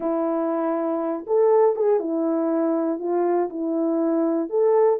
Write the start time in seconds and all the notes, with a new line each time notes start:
0.00 E4
1.26 A4
1.75 G#4
1.99 E4
2.99 F4
3.49 E4
4.49 A4